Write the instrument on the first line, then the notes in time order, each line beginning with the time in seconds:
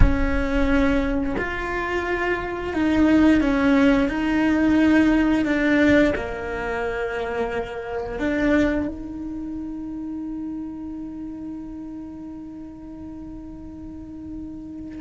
cello
0.00 C#4
1.38 F4
2.73 D#4
3.40 C#4
4.08 D#4
5.45 D4
6.15 A#3
8.18 D4
8.87 D#4